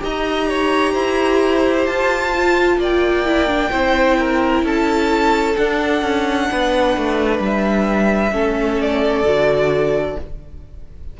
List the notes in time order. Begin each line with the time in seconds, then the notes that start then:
0.00 D#4 G4 D#5 A#5
0.49 C#5
0.93 E4 C5
1.87 F4 A5
2.35 F4
2.77 A#3 D5 G5
3.26 E4
3.48 D4
3.71 C4 E4 C5
4.19 A#4
4.63 C#4 A4 A5
5.57 D4 F#5
6.02 C#4
6.52 B3 B4
6.97 A3
7.40 G3 E5
8.32 A3 C#4 A4
8.82 D5
9.24 D3 F#4